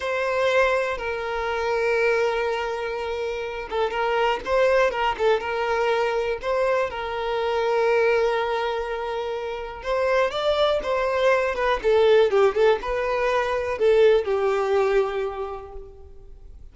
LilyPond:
\new Staff \with { instrumentName = "violin" } { \time 4/4 \tempo 4 = 122 c''2 ais'2~ | ais'2.~ ais'8 a'8 | ais'4 c''4 ais'8 a'8 ais'4~ | ais'4 c''4 ais'2~ |
ais'1 | c''4 d''4 c''4. b'8 | a'4 g'8 a'8 b'2 | a'4 g'2. | }